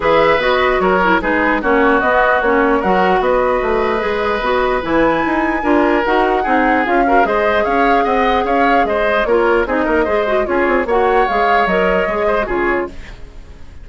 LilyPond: <<
  \new Staff \with { instrumentName = "flute" } { \time 4/4 \tempo 4 = 149 e''4 dis''4 cis''4 b'4 | cis''4 dis''4 cis''4 fis''4 | dis''1 | gis''2. fis''4~ |
fis''4 f''4 dis''4 f''4 | fis''4 f''4 dis''4 cis''4 | dis''2 cis''4 fis''4 | f''4 dis''2 cis''4 | }
  \new Staff \with { instrumentName = "oboe" } { \time 4/4 b'2 ais'4 gis'4 | fis'2. ais'4 | b'1~ | b'2 ais'2 |
gis'4. ais'8 c''4 cis''4 | dis''4 cis''4 c''4 ais'4 | gis'8 ais'8 c''4 gis'4 cis''4~ | cis''2~ cis''8 c''8 gis'4 | }
  \new Staff \with { instrumentName = "clarinet" } { \time 4/4 gis'4 fis'4. e'8 dis'4 | cis'4 b4 cis'4 fis'4~ | fis'2 gis'4 fis'4 | e'2 f'4 fis'4 |
dis'4 f'8 fis'8 gis'2~ | gis'2. f'4 | dis'4 gis'8 fis'8 f'4 fis'4 | gis'4 ais'4 gis'8. fis'16 f'4 | }
  \new Staff \with { instrumentName = "bassoon" } { \time 4/4 e4 b4 fis4 gis4 | ais4 b4 ais4 fis4 | b4 a4 gis4 b4 | e4 dis'4 d'4 dis'4 |
c'4 cis'4 gis4 cis'4 | c'4 cis'4 gis4 ais4 | c'8 ais8 gis4 cis'8 c'8 ais4 | gis4 fis4 gis4 cis4 | }
>>